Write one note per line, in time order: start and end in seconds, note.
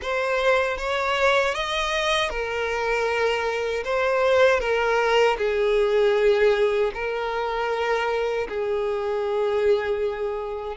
0.02 0.77 C5
0.77 1.54 C#5
1.54 2.29 D#5
2.29 3.83 A#4
3.84 4.60 C5
4.60 5.37 A#4
5.37 6.91 G#4
6.93 8.47 A#4
8.48 10.77 G#4